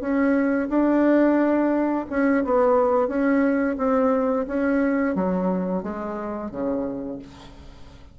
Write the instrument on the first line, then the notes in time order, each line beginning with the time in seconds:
bassoon
0.00 C#4
0.68 D4
2.10 C#4
2.44 B3
3.08 C#4
3.77 C4
4.47 C#4
5.15 F#3
5.83 G#3
6.50 C#3